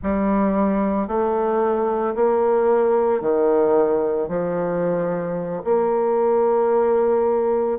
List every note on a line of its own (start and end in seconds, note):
0.02 1.07 G3
1.07 2.14 A3
2.15 3.21 A#3
3.21 4.28 D#3
4.28 5.62 F3
5.64 7.78 A#3